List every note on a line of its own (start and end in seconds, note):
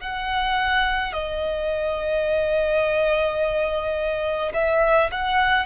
0.00 1.12 F#5
1.12 4.52 D#5
4.53 5.10 E5
5.11 5.66 F#5